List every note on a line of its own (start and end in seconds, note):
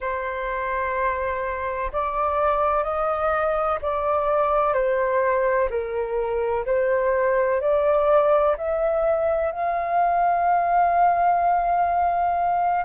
0.00 1.91 C5
1.92 2.83 D5
2.83 3.78 D#5
3.81 4.73 D5
4.73 5.68 C5
5.70 6.65 A#4
6.65 7.60 C5
7.60 8.55 D5
8.57 9.52 E5
9.52 12.85 F5